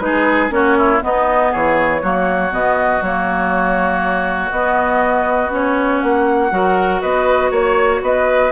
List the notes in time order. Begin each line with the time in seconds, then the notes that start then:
0.00 G#3 D#4 G#4 B4
0.50 A#3 C#4 F#4 C#5
0.78 E4
1.01 B3 D#4 D#5
1.52 E3 G#4 C#5
2.02 F#3 A#3 F#4
2.51 B2 B3 D#5
3.02 F#3 A#3 C#5
4.51 B3 D#5
5.50 C#4 C#5
6.02 A#3 F#5
6.51 F#3 F#4 A#4
7.01 B3 B4 D#5
7.51 A#3 C#5
8.02 B3 B4 D#5